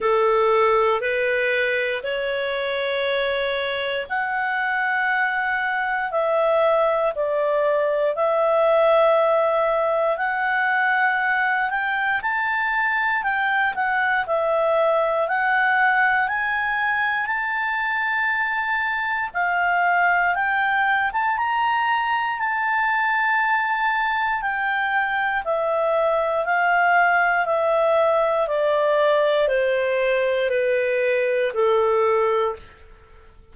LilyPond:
\new Staff \with { instrumentName = "clarinet" } { \time 4/4 \tempo 4 = 59 a'4 b'4 cis''2 | fis''2 e''4 d''4 | e''2 fis''4. g''8 | a''4 g''8 fis''8 e''4 fis''4 |
gis''4 a''2 f''4 | g''8. a''16 ais''4 a''2 | g''4 e''4 f''4 e''4 | d''4 c''4 b'4 a'4 | }